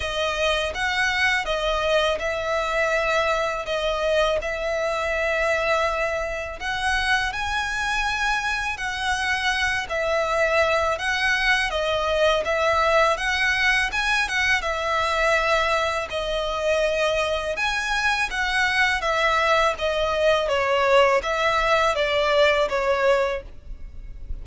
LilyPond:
\new Staff \with { instrumentName = "violin" } { \time 4/4 \tempo 4 = 82 dis''4 fis''4 dis''4 e''4~ | e''4 dis''4 e''2~ | e''4 fis''4 gis''2 | fis''4. e''4. fis''4 |
dis''4 e''4 fis''4 gis''8 fis''8 | e''2 dis''2 | gis''4 fis''4 e''4 dis''4 | cis''4 e''4 d''4 cis''4 | }